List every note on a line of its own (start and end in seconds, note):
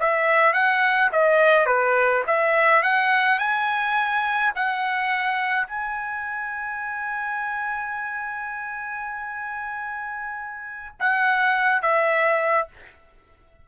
0.00 0.54 E5
0.54 1.11 F#5
1.12 1.66 D#5
1.66 2.23 B4
2.27 2.83 E5
2.83 3.39 F#5
3.39 4.53 G#5
4.56 5.67 F#5
5.67 10.95 G#5
11.00 11.82 F#5
11.82 12.68 E5